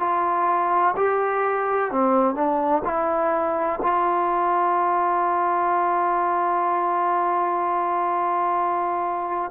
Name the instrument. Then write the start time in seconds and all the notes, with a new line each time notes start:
trombone
0.00 F4
0.97 G4
1.91 C4
2.35 D4
2.85 E4
3.83 F4